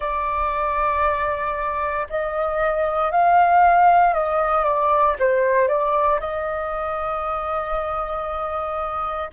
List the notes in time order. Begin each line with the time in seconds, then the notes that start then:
0.00 D5
2.09 D#5
3.11 F5
4.13 D#5
4.64 D5
5.19 C5
5.68 D5
6.20 D#5